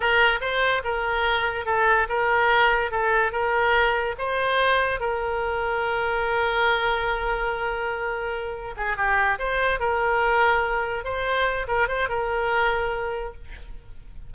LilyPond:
\new Staff \with { instrumentName = "oboe" } { \time 4/4 \tempo 4 = 144 ais'4 c''4 ais'2 | a'4 ais'2 a'4 | ais'2 c''2 | ais'1~ |
ais'1~ | ais'4 gis'8 g'4 c''4 ais'8~ | ais'2~ ais'8 c''4. | ais'8 c''8 ais'2. | }